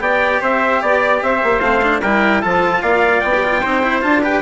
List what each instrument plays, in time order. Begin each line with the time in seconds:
0.00 bassoon B3, cello G4, trumpet D5 G5
0.42 bassoon C4, trumpet C5 E5
0.82 bassoon B3, trumpet D5
1.23 bassoon C4, trumpet C5 E5
1.43 bassoon A#3
1.60 bassoon A3, cello C4, trumpet F5
1.83 cello D4
2.02 bassoon G3, cello E4, trumpet A#4 G5
2.41 bassoon F3, cello F4, trumpet A4 A5
2.82 bassoon A#3, trumpet D5 F5
3.20 bassoon B3, trumpet G5
3.34 cello G4
3.44 cello F4
3.62 bassoon C4, cello D#4, trumpet C5
3.83 cello E4
4.02 bassoon D4, cello F4, trumpet A5
4.23 cello G4, trumpet B4 G5